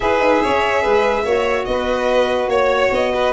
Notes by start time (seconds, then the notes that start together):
0.00 E4 G#4 B4 E5
0.19 D#4
0.42 C#4 C#5
0.82 G#3 B4
1.24 A#3 F#4 C#5
1.64 B3 D#5
1.71 B4
2.47 A#3 C#5
2.91 B3 D#5
3.14 B4